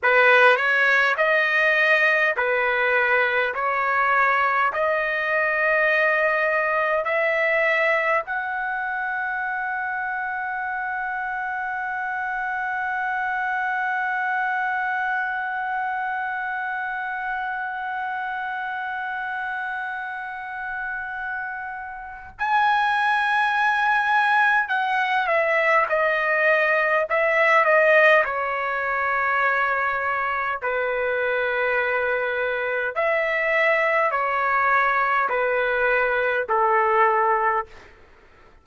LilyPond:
\new Staff \with { instrumentName = "trumpet" } { \time 4/4 \tempo 4 = 51 b'8 cis''8 dis''4 b'4 cis''4 | dis''2 e''4 fis''4~ | fis''1~ | fis''1~ |
fis''2. gis''4~ | gis''4 fis''8 e''8 dis''4 e''8 dis''8 | cis''2 b'2 | e''4 cis''4 b'4 a'4 | }